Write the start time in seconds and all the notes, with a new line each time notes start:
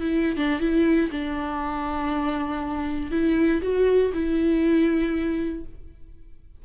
0.00 E4
0.36 D4
0.60 E4
1.11 D4
3.11 E4
3.62 F#4
4.13 E4